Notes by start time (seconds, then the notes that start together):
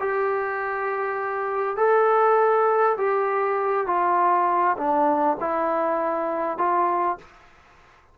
0.00 G4
1.77 A4
2.98 G4
3.87 F4
4.78 D4
5.41 E4
6.58 F4